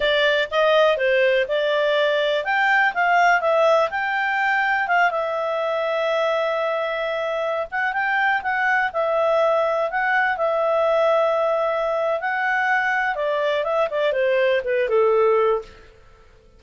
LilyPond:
\new Staff \with { instrumentName = "clarinet" } { \time 4/4 \tempo 4 = 123 d''4 dis''4 c''4 d''4~ | d''4 g''4 f''4 e''4 | g''2 f''8 e''4.~ | e''2.~ e''8. fis''16~ |
fis''16 g''4 fis''4 e''4.~ e''16~ | e''16 fis''4 e''2~ e''8.~ | e''4 fis''2 d''4 | e''8 d''8 c''4 b'8 a'4. | }